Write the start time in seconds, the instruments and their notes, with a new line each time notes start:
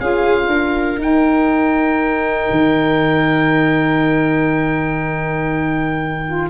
0.00 tuba C#4, saxophone F4, viola G#4, oboe F5
0.48 tuba D4, viola A#4
0.98 tuba D#4, saxophone D#4, oboe G5
2.51 tuba D#3
6.27 saxophone F4